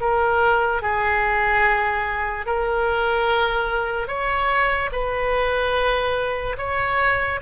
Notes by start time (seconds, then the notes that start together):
0.00 A#4
0.81 G#4
2.45 A#4
4.07 C#5
4.92 B4
6.57 C#5